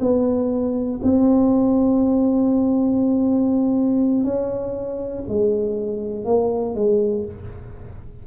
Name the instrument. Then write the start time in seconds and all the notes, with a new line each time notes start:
tuba
0.00 B3
1.03 C4
4.24 C#4
5.29 G#3
6.25 A#3
6.75 G#3